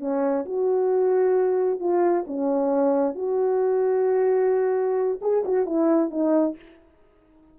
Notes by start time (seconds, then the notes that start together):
0.00 C#4
0.46 F#4
1.80 F4
2.28 C#4
3.15 F#4
5.22 G#4
5.45 F#4
5.67 E4
6.11 D#4